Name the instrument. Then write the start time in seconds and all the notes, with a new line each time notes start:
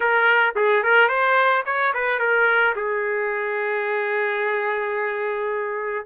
trumpet
0.00 A#4
0.55 G#4
0.83 A#4
1.08 C5
1.65 C#5
1.93 B4
2.19 A#4
2.75 G#4